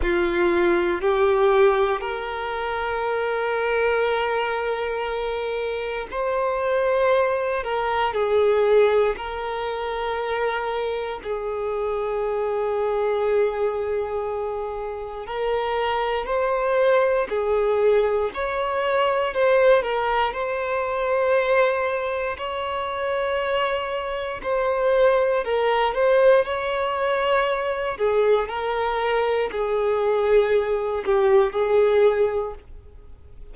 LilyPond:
\new Staff \with { instrumentName = "violin" } { \time 4/4 \tempo 4 = 59 f'4 g'4 ais'2~ | ais'2 c''4. ais'8 | gis'4 ais'2 gis'4~ | gis'2. ais'4 |
c''4 gis'4 cis''4 c''8 ais'8 | c''2 cis''2 | c''4 ais'8 c''8 cis''4. gis'8 | ais'4 gis'4. g'8 gis'4 | }